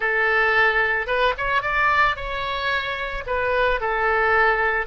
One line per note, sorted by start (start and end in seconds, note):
0.00 1.06 A4
1.06 1.33 B4
1.37 1.62 C#5
1.62 2.15 D5
2.15 3.24 C#5
3.26 3.80 B4
3.80 4.86 A4